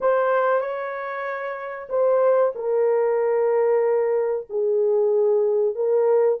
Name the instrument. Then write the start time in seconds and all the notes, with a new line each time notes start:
horn
0.00 C5
0.60 C#5
1.89 C5
2.55 A#4
4.49 G#4
5.75 A#4